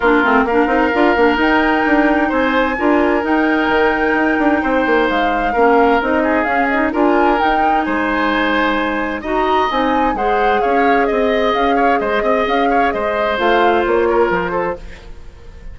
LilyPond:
<<
  \new Staff \with { instrumentName = "flute" } { \time 4/4 \tempo 4 = 130 ais'4 f''2 g''4~ | g''4 gis''2 g''4~ | g''2. f''4~ | f''4 dis''4 f''8 dis''8 gis''4 |
g''4 gis''2. | ais''4 gis''4 fis''4 f''4 | dis''4 f''4 dis''4 f''4 | dis''4 f''4 cis''4 c''4 | }
  \new Staff \with { instrumentName = "oboe" } { \time 4/4 f'4 ais'2.~ | ais'4 c''4 ais'2~ | ais'2 c''2 | ais'4. gis'4. ais'4~ |
ais'4 c''2. | dis''2 c''4 cis''4 | dis''4. cis''8 c''8 dis''4 cis''8 | c''2~ c''8 ais'4 a'8 | }
  \new Staff \with { instrumentName = "clarinet" } { \time 4/4 d'8 c'8 d'8 dis'8 f'8 d'8 dis'4~ | dis'2 f'4 dis'4~ | dis'1 | cis'4 dis'4 cis'8 dis'8 f'4 |
dis'1 | fis'4 dis'4 gis'2~ | gis'1~ | gis'4 f'2. | }
  \new Staff \with { instrumentName = "bassoon" } { \time 4/4 ais8 a8 ais8 c'8 d'8 ais8 dis'4 | d'4 c'4 d'4 dis'4 | dis4 dis'8 d'8 c'8 ais8 gis4 | ais4 c'4 cis'4 d'4 |
dis'4 gis2. | dis'4 c'4 gis4 cis'4 | c'4 cis'4 gis8 c'8 cis'4 | gis4 a4 ais4 f4 | }
>>